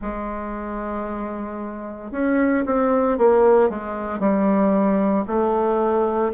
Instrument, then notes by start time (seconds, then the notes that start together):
bassoon
0.01 G#3
2.11 C#4
2.65 C4
3.18 A#3
3.69 G#3
4.19 G3
5.27 A3